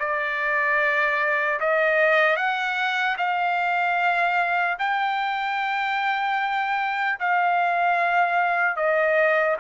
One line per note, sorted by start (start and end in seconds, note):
0.00 1.60 D5
1.60 2.36 D#5
2.36 3.16 F#5
3.18 4.78 F5
4.79 7.19 G5
7.20 8.76 F5
8.76 9.56 D#5